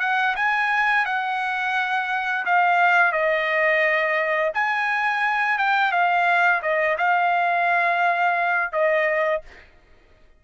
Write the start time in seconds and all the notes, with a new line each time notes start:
0.00 F#5
0.36 G#5
1.05 F#5
2.45 F5
3.12 D#5
4.54 G#5
5.58 G5
5.91 F5
6.62 D#5
6.98 F5
8.72 D#5